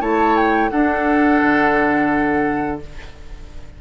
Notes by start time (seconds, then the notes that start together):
0.00 A3 E4 C#5 A5
0.36 G5
0.69 D4 A4 F#5
1.41 D3